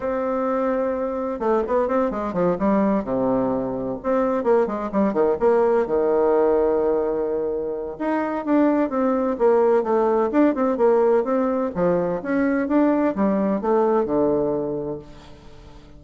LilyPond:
\new Staff \with { instrumentName = "bassoon" } { \time 4/4 \tempo 4 = 128 c'2. a8 b8 | c'8 gis8 f8 g4 c4.~ | c8 c'4 ais8 gis8 g8 dis8 ais8~ | ais8 dis2.~ dis8~ |
dis4 dis'4 d'4 c'4 | ais4 a4 d'8 c'8 ais4 | c'4 f4 cis'4 d'4 | g4 a4 d2 | }